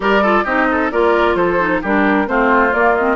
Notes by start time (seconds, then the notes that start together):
0.00 G3 G4 A#4 D5
0.22 F4 A4
0.44 C4 D#4 G4 D#5
0.71 A4
0.91 A#3 F4 A#4 D5
1.34 F3 A4 C5
1.59 D#4
1.81 G3 D4 G4 A#4
2.26 A3 C4 F4 C5
2.70 A#3 D5
2.95 C4 D#5